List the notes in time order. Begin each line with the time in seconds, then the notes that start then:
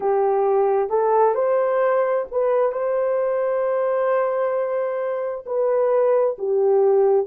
0.00 G4
0.89 A4
1.34 C5
2.31 B4
2.71 C5
5.45 B4
6.38 G4